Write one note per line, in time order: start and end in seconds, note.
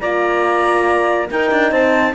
0.00 1.30 A#3
0.00 1.29 F4
0.00 1.28 D5
0.00 1.28 A#5
1.30 1.51 D#4
1.30 2.15 D#4
1.30 1.72 A#4
1.30 1.72 G5
1.51 1.71 D4
1.71 2.14 C4
1.71 2.14 C5
1.71 2.14 A5